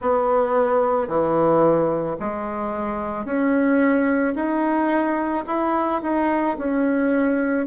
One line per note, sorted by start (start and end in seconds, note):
0.00 1.08 B3
1.08 2.17 E3
2.19 3.25 G#3
3.25 4.34 C#4
4.35 5.44 D#4
5.46 6.01 E4
6.02 6.57 D#4
6.58 7.66 C#4